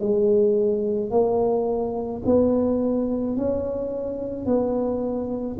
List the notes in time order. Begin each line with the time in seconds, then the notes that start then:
0.00 G#3
1.11 A#3
2.26 B3
3.37 C#4
4.46 B3